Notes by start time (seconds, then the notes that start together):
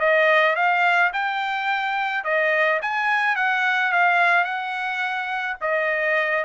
0.00 D#5
0.56 F5
1.13 G5
2.25 D#5
2.82 G#5
3.36 F#5
3.93 F5
4.45 F#5
5.62 D#5